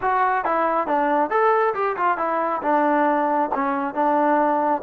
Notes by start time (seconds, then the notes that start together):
0.01 F#4
0.44 E4
0.87 D4
1.30 A4
1.74 G4
1.96 F4
2.17 E4
2.62 D4
3.54 C#4
3.94 D4